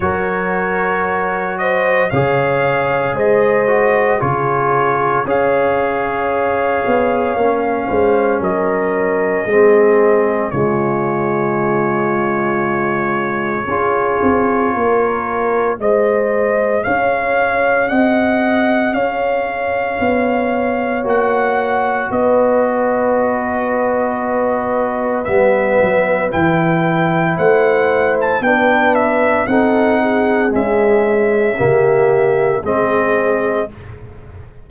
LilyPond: <<
  \new Staff \with { instrumentName = "trumpet" } { \time 4/4 \tempo 4 = 57 cis''4. dis''8 f''4 dis''4 | cis''4 f''2. | dis''2 cis''2~ | cis''2. dis''4 |
f''4 fis''4 f''2 | fis''4 dis''2. | e''4 g''4 fis''8. a''16 g''8 e''8 | fis''4 e''2 dis''4 | }
  \new Staff \with { instrumentName = "horn" } { \time 4/4 ais'4. c''8 cis''4 c''4 | gis'4 cis''2~ cis''8 c''8 | ais'4 gis'4 f'2~ | f'4 gis'4 ais'4 c''4 |
cis''4 dis''4 cis''2~ | cis''4 b'2.~ | b'2 c''4 b'4 | a'8 gis'4. g'4 gis'4 | }
  \new Staff \with { instrumentName = "trombone" } { \time 4/4 fis'2 gis'4. fis'8 | f'4 gis'2 cis'4~ | cis'4 c'4 gis2~ | gis4 f'2 gis'4~ |
gis'1 | fis'1 | b4 e'2 d'4 | dis'4 gis4 ais4 c'4 | }
  \new Staff \with { instrumentName = "tuba" } { \time 4/4 fis2 cis4 gis4 | cis4 cis'4. b8 ais8 gis8 | fis4 gis4 cis2~ | cis4 cis'8 c'8 ais4 gis4 |
cis'4 c'4 cis'4 b4 | ais4 b2. | g8 fis8 e4 a4 b4 | c'4 cis'4 cis4 gis4 | }
>>